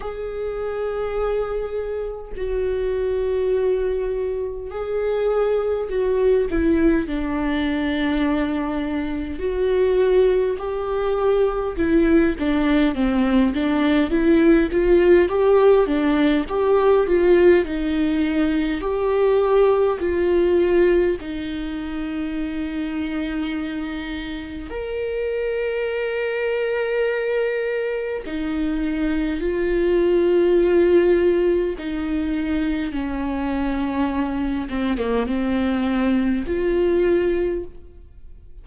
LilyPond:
\new Staff \with { instrumentName = "viola" } { \time 4/4 \tempo 4 = 51 gis'2 fis'2 | gis'4 fis'8 e'8 d'2 | fis'4 g'4 e'8 d'8 c'8 d'8 | e'8 f'8 g'8 d'8 g'8 f'8 dis'4 |
g'4 f'4 dis'2~ | dis'4 ais'2. | dis'4 f'2 dis'4 | cis'4. c'16 ais16 c'4 f'4 | }